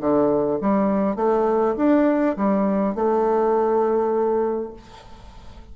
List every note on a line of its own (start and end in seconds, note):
0.00 0.59 D3
0.61 1.16 G3
1.16 1.75 A3
1.77 2.36 D4
2.36 2.95 G3
2.95 4.73 A3